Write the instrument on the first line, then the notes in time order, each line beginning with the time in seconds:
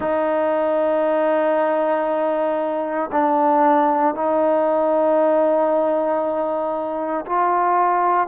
trombone
0.00 D#4
3.11 D4
4.14 D#4
7.26 F4